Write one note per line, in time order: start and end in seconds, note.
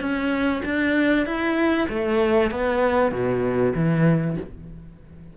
0.00 0.62 C#4
0.65 1.26 D4
1.26 1.88 E4
1.89 2.51 A3
2.51 3.11 B3
3.11 3.73 B2
3.75 4.36 E3